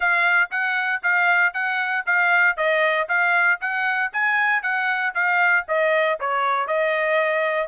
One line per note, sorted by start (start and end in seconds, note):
0.00 0.50 F5
0.50 1.02 F#5
1.02 1.53 F5
1.53 2.04 F#5
2.05 2.56 F5
2.56 3.08 D#5
3.08 3.59 F5
3.60 4.12 F#5
4.13 4.62 G#5
4.62 5.13 F#5
5.14 5.65 F5
5.68 6.19 D#5
6.20 6.67 C#5
6.67 7.67 D#5